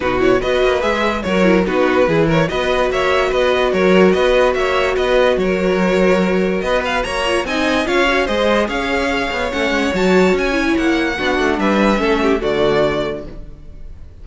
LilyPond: <<
  \new Staff \with { instrumentName = "violin" } { \time 4/4 \tempo 4 = 145 b'8 cis''8 dis''4 e''4 cis''4 | b'4. cis''8 dis''4 e''4 | dis''4 cis''4 dis''4 e''4 | dis''4 cis''2. |
dis''8 f''8 ais''4 gis''4 f''4 | dis''4 f''2 fis''4 | a''4 gis''4 fis''2 | e''2 d''2 | }
  \new Staff \with { instrumentName = "violin" } { \time 4/4 fis'4 b'2 ais'4 | fis'4 gis'8 ais'8 b'4 cis''4 | b'4 ais'4 b'4 cis''4 | b'4 ais'2. |
b'4 cis''4 dis''4 cis''4 | c''4 cis''2.~ | cis''2. fis'4 | b'4 a'8 g'8 fis'2 | }
  \new Staff \with { instrumentName = "viola" } { \time 4/4 dis'8 e'8 fis'4 gis'4 fis'8 e'8 | dis'4 e'4 fis'2~ | fis'1~ | fis'1~ |
fis'4. f'8 dis'4 f'8 fis'8 | gis'2. cis'4 | fis'4. e'4. d'4~ | d'4 cis'4 a2 | }
  \new Staff \with { instrumentName = "cello" } { \time 4/4 b,4 b8 ais8 gis4 fis4 | b4 e4 b4 ais4 | b4 fis4 b4 ais4 | b4 fis2. |
b4 ais4 c'4 cis'4 | gis4 cis'4. b8 a8 gis8 | fis4 cis'4 ais4 b8 a8 | g4 a4 d2 | }
>>